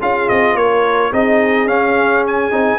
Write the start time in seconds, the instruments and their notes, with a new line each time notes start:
0.00 tuba C#4, trombone F4, horn G#4, trumpet F5
0.28 tuba C4, trumpet D#5
0.54 tuba A#3, horn A#4, trumpet C#5
1.12 tuba C4, trombone D#4, horn G#4, trumpet D#5
1.67 tuba C#4, trombone C#4, trumpet F5
2.27 trumpet G#5
2.51 tuba C4, trombone D#4